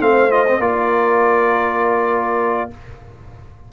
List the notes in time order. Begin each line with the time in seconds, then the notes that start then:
0.00 A3 C4 C5 F5
0.31 F4 D#5
0.48 C4
0.59 A#3 F4 A#4 D5